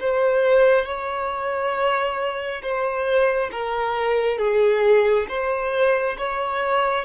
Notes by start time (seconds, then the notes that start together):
0.00 C5
0.85 C#5
2.62 C5
3.51 A#4
4.38 G#4
5.28 C5
6.18 C#5